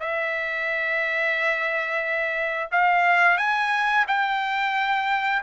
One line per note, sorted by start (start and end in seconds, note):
0.00 2.70 E5
2.72 3.38 F5
3.38 4.05 G#5
4.07 5.42 G5